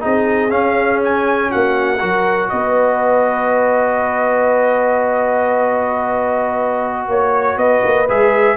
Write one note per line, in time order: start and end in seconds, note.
0.00 0.51 C4
0.00 0.49 D#4
0.00 1.50 G#4
0.00 0.50 D#5
0.49 1.98 C#4
0.49 1.50 C#4
0.49 0.99 F5
1.03 1.51 G#5
1.50 2.01 A#3
1.50 1.99 F#4
1.50 2.49 F#5
1.99 2.51 F#3
1.99 8.07 F#4
1.99 2.49 A#4
2.49 7.07 B3
2.49 7.09 B4
2.49 7.08 D#5
7.07 7.57 A#3
7.07 7.57 C#5
7.07 7.58 C#5
7.57 7.81 B3
7.57 8.56 B4
7.57 8.07 D#5
7.83 8.08 A#3
8.09 8.56 G#3
8.09 8.56 G#4
8.09 8.56 E5